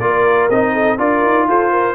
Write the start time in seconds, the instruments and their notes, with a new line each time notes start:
0.00 tuba A#3, trombone F4, horn A#4, trumpet D5
0.50 tuba C4, trombone D#4, trumpet D#5
0.74 horn A4
0.99 tuba D4, trombone F4, horn A#4, trumpet D5
1.23 tuba D#4
1.49 tuba F4, horn A4, trumpet C5
1.72 horn A#4